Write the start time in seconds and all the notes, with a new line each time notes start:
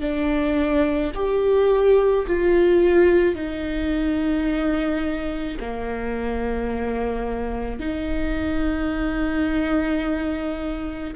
0.00 D4
1.15 G4
2.26 F4
3.35 D#4
5.60 A#3
7.79 D#4